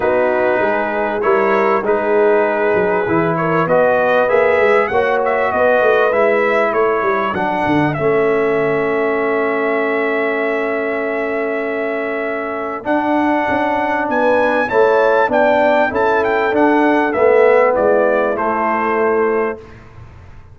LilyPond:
<<
  \new Staff \with { instrumentName = "trumpet" } { \time 4/4 \tempo 4 = 98 b'2 cis''4 b'4~ | b'4. cis''8 dis''4 e''4 | fis''8 e''8 dis''4 e''4 cis''4 | fis''4 e''2.~ |
e''1~ | e''4 fis''2 gis''4 | a''4 g''4 a''8 g''8 fis''4 | e''4 d''4 c''2 | }
  \new Staff \with { instrumentName = "horn" } { \time 4/4 fis'4 gis'4 ais'4 gis'4~ | gis'4. ais'8 b'2 | cis''4 b'2 a'4~ | a'1~ |
a'1~ | a'2. b'4 | cis''4 d''4 a'2~ | a'4 e'2. | }
  \new Staff \with { instrumentName = "trombone" } { \time 4/4 dis'2 e'4 dis'4~ | dis'4 e'4 fis'4 gis'4 | fis'2 e'2 | d'4 cis'2.~ |
cis'1~ | cis'4 d'2. | e'4 d'4 e'4 d'4 | b2 a2 | }
  \new Staff \with { instrumentName = "tuba" } { \time 4/4 b4 gis4 g4 gis4~ | gis8 fis8 e4 b4 ais8 gis8 | ais4 b8 a8 gis4 a8 g8 | fis8 d8 a2.~ |
a1~ | a4 d'4 cis'4 b4 | a4 b4 cis'4 d'4 | a4 gis4 a2 | }
>>